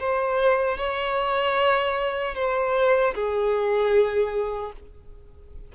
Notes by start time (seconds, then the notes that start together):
0.00 C5
0.78 C#5
2.35 C5
3.14 G#4